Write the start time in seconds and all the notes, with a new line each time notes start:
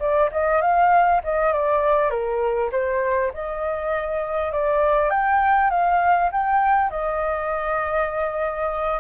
0.00 D5
0.32 D#5
0.62 F5
1.24 D#5
1.53 D5
2.10 A#4
2.72 C5
3.34 D#5
4.52 D5
5.10 G5
5.70 F5
6.32 G5
6.91 D#5